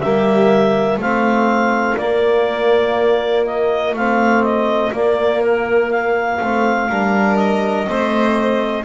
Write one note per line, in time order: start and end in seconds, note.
0.00 0.97 G3
0.00 1.00 A#3
0.00 0.99 G4
0.00 0.98 E5
0.97 1.96 A3
0.97 1.99 C4
0.97 6.89 F4
0.97 1.98 F5
1.97 3.93 A#3
1.97 3.95 A#3
1.97 3.45 D5
3.45 3.95 D#5
3.93 4.91 A3
3.93 4.93 C4
3.93 4.43 F5
4.43 4.93 D#5
4.92 6.40 A#3
4.92 6.41 A#3
4.92 5.42 D5
5.42 5.91 A#4
5.91 7.36 F5
6.41 6.90 A3
6.41 6.90 C4
6.89 7.88 G3
6.89 7.86 D4
6.89 7.87 A#4
7.36 8.83 D#5
7.86 8.85 A3
7.86 8.85 C4
7.86 8.85 C5